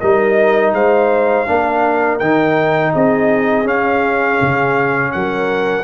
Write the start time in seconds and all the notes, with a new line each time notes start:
0.00 G3 D#4 A#4 D#5
0.72 G#3 C5 F5
1.46 A#3 D4 A#4
2.19 D#3 D#4 G5
2.93 C4 G#4 D#5
3.64 C#4 F5
4.41 C#3
5.12 F#3 A#4 F#5